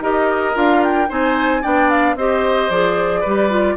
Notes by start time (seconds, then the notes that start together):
0.00 D#4 G4 A#4 D#5
0.53 D4 F4 F5
0.83 G5
1.08 C4 D#4 C5 G#5
1.62 B3 D4 D5 G5
1.89 F5
2.15 C4 G4 C5 D#5
2.69 F3 G#4 D5
3.20 G3 G4 B4
3.49 F4